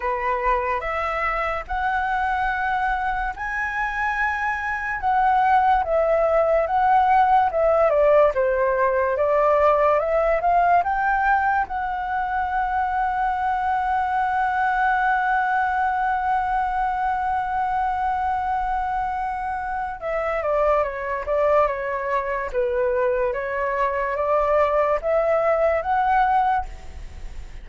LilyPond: \new Staff \with { instrumentName = "flute" } { \time 4/4 \tempo 4 = 72 b'4 e''4 fis''2 | gis''2 fis''4 e''4 | fis''4 e''8 d''8 c''4 d''4 | e''8 f''8 g''4 fis''2~ |
fis''1~ | fis''1 | e''8 d''8 cis''8 d''8 cis''4 b'4 | cis''4 d''4 e''4 fis''4 | }